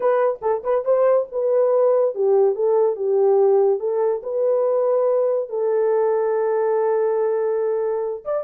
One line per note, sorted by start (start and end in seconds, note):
0.00 0.39 B4
0.41 0.62 A4
0.63 0.84 B4
0.85 1.27 C5
1.31 2.14 B4
2.14 2.55 G4
2.55 2.96 A4
2.96 3.79 G4
3.79 4.22 A4
4.22 5.49 B4
5.49 8.23 A4
8.25 8.44 D5